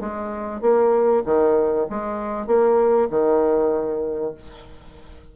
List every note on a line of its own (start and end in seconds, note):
0.00 0.61 G#3
0.61 1.23 A#3
1.25 1.87 D#3
1.90 2.47 G#3
2.47 3.08 A#3
3.10 4.34 D#3